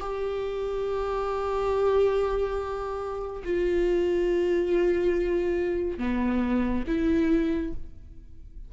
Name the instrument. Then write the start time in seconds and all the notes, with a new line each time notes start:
viola
0.00 G4
3.44 F4
5.98 B3
6.88 E4